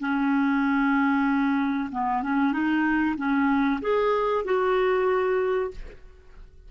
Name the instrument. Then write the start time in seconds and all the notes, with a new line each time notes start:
clarinet
0.00 C#4
1.91 B3
2.22 C#4
2.52 D#4
3.17 C#4
3.81 G#4
4.44 F#4